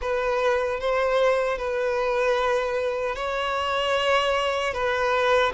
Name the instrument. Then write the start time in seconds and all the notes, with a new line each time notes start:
violin
0.01 B4
0.80 C5
1.58 B4
3.15 C#5
4.73 B4